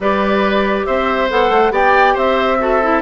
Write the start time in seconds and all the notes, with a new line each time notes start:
0.00 G3 G4 B4 D5
0.85 C4 C5 E5
1.30 B3 A4 F#5
1.50 A3
1.71 B3 G4 D5 G5
2.14 C4 C5 E5
2.59 F#4 A4
2.82 E4